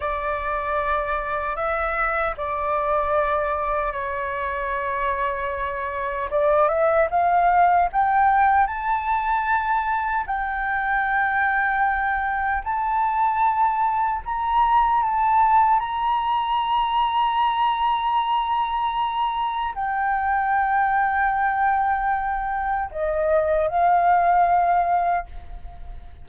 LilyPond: \new Staff \with { instrumentName = "flute" } { \time 4/4 \tempo 4 = 76 d''2 e''4 d''4~ | d''4 cis''2. | d''8 e''8 f''4 g''4 a''4~ | a''4 g''2. |
a''2 ais''4 a''4 | ais''1~ | ais''4 g''2.~ | g''4 dis''4 f''2 | }